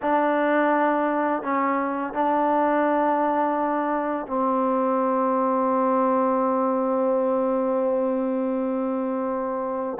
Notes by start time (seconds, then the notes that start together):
0.02 D4
1.42 C#4
2.13 D4
4.26 C4